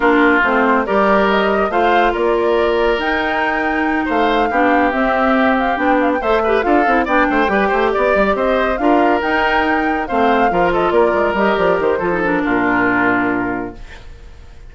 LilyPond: <<
  \new Staff \with { instrumentName = "flute" } { \time 4/4 \tempo 4 = 140 ais'4 c''4 d''4 dis''4 | f''4 d''2 g''4~ | g''4. f''2 e''8~ | e''4 f''8 g''8 f''16 g''16 e''4 f''8~ |
f''8 g''2 d''4 dis''8~ | dis''8 f''4 g''2 f''8~ | f''4 dis''8 d''4 dis''8 d''8 c''8~ | c''8 ais'2.~ ais'8 | }
  \new Staff \with { instrumentName = "oboe" } { \time 4/4 f'2 ais'2 | c''4 ais'2.~ | ais'4. c''4 g'4.~ | g'2~ g'8 c''8 b'8 a'8~ |
a'8 d''8 c''8 b'8 c''8 d''4 c''8~ | c''8 ais'2. c''8~ | c''8 ais'8 a'8 ais'2~ ais'8 | a'4 f'2. | }
  \new Staff \with { instrumentName = "clarinet" } { \time 4/4 d'4 c'4 g'2 | f'2. dis'4~ | dis'2~ dis'8 d'4 c'8~ | c'4. d'4 a'8 g'8 f'8 |
e'8 d'4 g'2~ g'8~ | g'8 f'4 dis'2 c'8~ | c'8 f'2 g'4. | f'16 dis'16 d'2.~ d'8 | }
  \new Staff \with { instrumentName = "bassoon" } { \time 4/4 ais4 a4 g2 | a4 ais2 dis'4~ | dis'4. a4 b4 c'8~ | c'4. b4 a4 d'8 |
c'8 b8 a8 g8 a8 b8 g8 c'8~ | c'8 d'4 dis'2 a8~ | a8 f4 ais8 gis8 g8 f8 dis8 | f4 ais,2. | }
>>